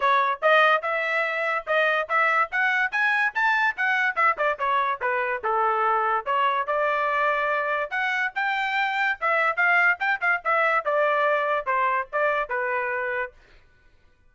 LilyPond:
\new Staff \with { instrumentName = "trumpet" } { \time 4/4 \tempo 4 = 144 cis''4 dis''4 e''2 | dis''4 e''4 fis''4 gis''4 | a''4 fis''4 e''8 d''8 cis''4 | b'4 a'2 cis''4 |
d''2. fis''4 | g''2 e''4 f''4 | g''8 f''8 e''4 d''2 | c''4 d''4 b'2 | }